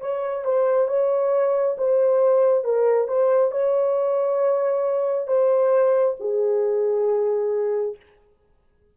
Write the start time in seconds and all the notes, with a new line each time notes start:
0.00 C#5
0.44 C5
0.87 C#5
1.77 C5
2.64 A#4
3.08 C5
3.51 C#5
5.27 C5
6.19 G#4